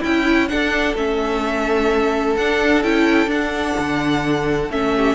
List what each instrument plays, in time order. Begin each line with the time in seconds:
0.00 cello C#4, violin E4 G5
0.06 viola E4
0.48 viola D4, cello D4, violin A4 F#5
0.95 cello A3, viola C#4, violin E5
2.36 cello D4, viola D4, violin F#5
2.83 cello C#4, viola E4, violin G5
3.26 cello D4, viola D4, violin F#5
3.79 cello D3
4.70 cello A3, viola C#4, violin E5
4.95 violin G4